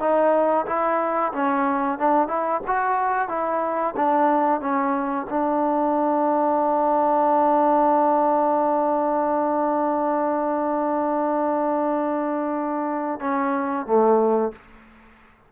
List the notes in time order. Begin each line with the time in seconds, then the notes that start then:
0.00 D#4
0.66 E4
1.33 C#4
1.99 D4
2.28 E4
2.67 F#4
3.29 E4
3.97 D4
4.61 C#4
5.30 D4
13.20 C#4
13.86 A3